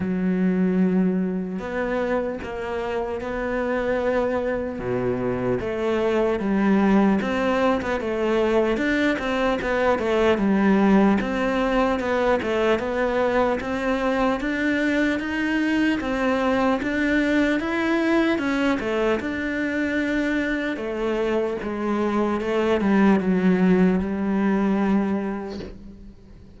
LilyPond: \new Staff \with { instrumentName = "cello" } { \time 4/4 \tempo 4 = 75 fis2 b4 ais4 | b2 b,4 a4 | g4 c'8. b16 a4 d'8 c'8 | b8 a8 g4 c'4 b8 a8 |
b4 c'4 d'4 dis'4 | c'4 d'4 e'4 cis'8 a8 | d'2 a4 gis4 | a8 g8 fis4 g2 | }